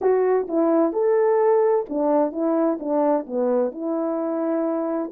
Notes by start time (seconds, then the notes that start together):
0.01 F#4
0.48 E4
0.92 A4
1.89 D4
2.32 E4
2.79 D4
3.26 B3
3.71 E4